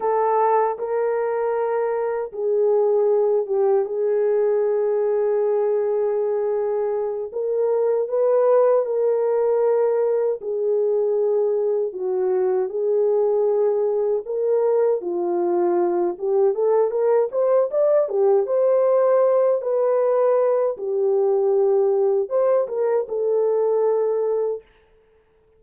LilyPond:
\new Staff \with { instrumentName = "horn" } { \time 4/4 \tempo 4 = 78 a'4 ais'2 gis'4~ | gis'8 g'8 gis'2.~ | gis'4. ais'4 b'4 ais'8~ | ais'4. gis'2 fis'8~ |
fis'8 gis'2 ais'4 f'8~ | f'4 g'8 a'8 ais'8 c''8 d''8 g'8 | c''4. b'4. g'4~ | g'4 c''8 ais'8 a'2 | }